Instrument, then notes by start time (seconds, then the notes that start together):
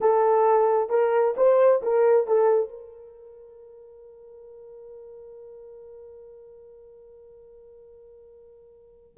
horn
0.00 A4
0.89 A#4
1.36 C5
1.82 A#4
2.27 A4
2.69 A#4